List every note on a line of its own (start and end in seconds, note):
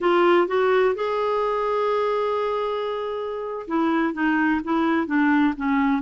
0.00 0.47 F4
0.47 0.94 F#4
0.94 3.66 G#4
3.67 4.13 E4
4.13 4.60 D#4
4.64 5.06 E4
5.06 5.54 D4
5.56 6.02 C#4